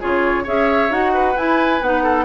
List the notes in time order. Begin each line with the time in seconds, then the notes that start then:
0.00 C#3 F4 G#4 C#5
0.44 C#4 G#4 C#5 E5
0.90 D#4 F#4 F#5
1.14 B4
1.36 E4 G#5
1.81 B3 D#4 F#5
2.03 A4